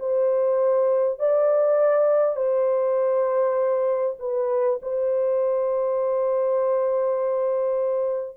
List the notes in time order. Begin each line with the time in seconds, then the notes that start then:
0.00 C5
1.19 D5
2.37 C5
4.19 B4
4.83 C5